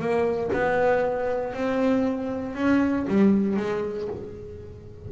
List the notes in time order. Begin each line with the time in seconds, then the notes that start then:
0.00 A#3
0.53 B3
1.54 C4
2.55 C#4
3.08 G3
3.57 G#3